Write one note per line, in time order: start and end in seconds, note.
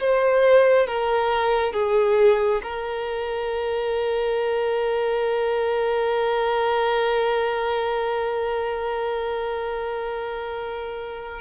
0.00 0.87 C5
0.87 1.73 A#4
1.73 2.61 G#4
2.64 11.41 A#4